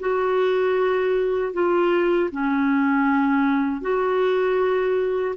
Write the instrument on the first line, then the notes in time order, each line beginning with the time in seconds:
clarinet
0.00 F#4
1.53 F4
2.32 C#4
3.82 F#4